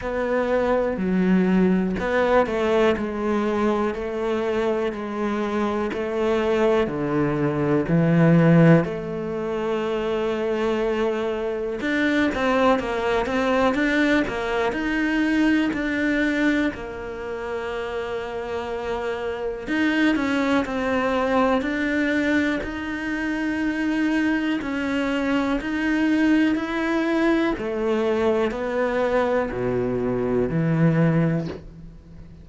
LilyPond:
\new Staff \with { instrumentName = "cello" } { \time 4/4 \tempo 4 = 61 b4 fis4 b8 a8 gis4 | a4 gis4 a4 d4 | e4 a2. | d'8 c'8 ais8 c'8 d'8 ais8 dis'4 |
d'4 ais2. | dis'8 cis'8 c'4 d'4 dis'4~ | dis'4 cis'4 dis'4 e'4 | a4 b4 b,4 e4 | }